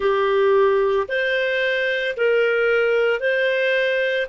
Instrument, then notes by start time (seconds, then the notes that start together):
clarinet
0.00 G4
1.08 C5
2.16 A#4
3.19 C5